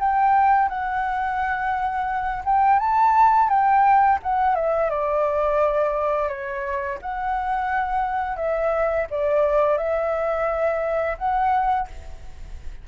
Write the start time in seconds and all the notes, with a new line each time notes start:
0.00 G5
0.69 F#5
2.45 G5
2.80 A5
3.49 G5
4.23 F#5
4.55 E5
4.90 D5
6.29 C#5
7.02 F#5
8.37 E5
9.11 D5
9.78 E5
11.18 F#5